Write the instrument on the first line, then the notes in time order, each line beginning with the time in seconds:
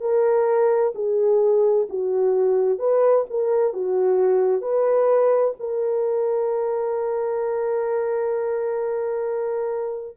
horn
0.00 A#4
0.95 G#4
1.89 F#4
2.78 B4
3.30 A#4
3.73 F#4
4.62 B4
5.59 A#4